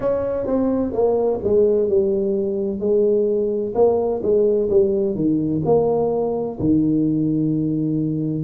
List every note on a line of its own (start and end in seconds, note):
0.00 0.46 C#4
0.46 0.92 C4
0.92 1.39 A#3
1.43 1.88 G#3
1.88 2.80 G3
2.80 3.73 G#3
3.74 4.21 A#3
4.22 4.69 G#3
4.70 5.15 G3
5.15 5.62 D#3
5.65 6.58 A#3
6.59 8.43 D#3